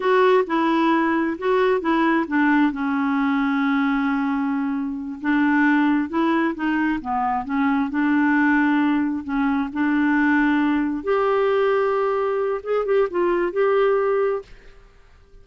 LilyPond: \new Staff \with { instrumentName = "clarinet" } { \time 4/4 \tempo 4 = 133 fis'4 e'2 fis'4 | e'4 d'4 cis'2~ | cis'2.~ cis'8 d'8~ | d'4. e'4 dis'4 b8~ |
b8 cis'4 d'2~ d'8~ | d'8 cis'4 d'2~ d'8~ | d'8 g'2.~ g'8 | gis'8 g'8 f'4 g'2 | }